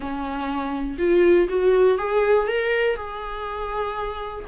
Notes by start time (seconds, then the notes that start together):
0.00 C#4
0.98 F4
1.48 F#4
1.97 G#4
2.47 A#4
2.95 G#4